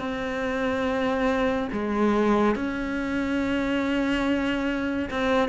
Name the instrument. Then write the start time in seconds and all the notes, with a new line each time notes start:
cello
0.00 C4
1.73 G#3
2.56 C#4
5.11 C4